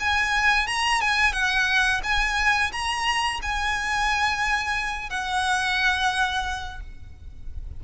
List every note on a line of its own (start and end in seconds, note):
0.00 0.67 G#5
0.67 1.01 A#5
1.01 1.33 G#5
1.33 2.01 F#5
2.04 2.72 G#5
2.72 3.41 A#5
3.42 5.10 G#5
5.10 6.81 F#5